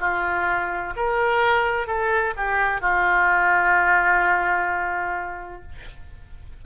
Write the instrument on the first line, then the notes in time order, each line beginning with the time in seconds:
oboe
0.00 F4
0.96 A#4
1.87 A4
2.37 G4
2.81 F4